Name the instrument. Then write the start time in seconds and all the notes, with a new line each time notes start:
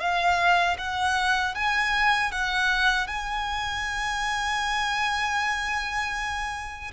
violin
0.00 F5
0.78 F#5
1.55 G#5
2.31 F#5
3.07 G#5